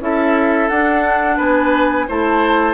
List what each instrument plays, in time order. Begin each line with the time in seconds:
0.00 bassoon C#4, clarinet E4, oboe A4, flute E5
0.69 bassoon D4, clarinet D4, flute F#5
1.37 bassoon B3, oboe B4, flute G#5
2.08 bassoon A3, clarinet E4, oboe C5, flute A5